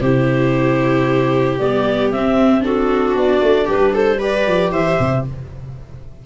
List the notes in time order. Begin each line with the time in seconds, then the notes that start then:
0.00 C3 E4 G4 C5
1.58 G3 B3 D5
2.11 C4 E5
2.61 D4 F#4 A4
3.15 B3 D5
3.42 A3
3.65 G3 G4 B4
3.94 A4 C5
4.18 G4 B4 D5
4.46 F3
4.71 E3 C5 E5
5.00 C3